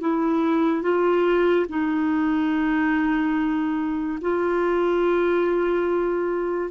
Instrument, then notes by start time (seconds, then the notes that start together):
clarinet
0.00 E4
0.82 F4
1.69 D#4
4.21 F4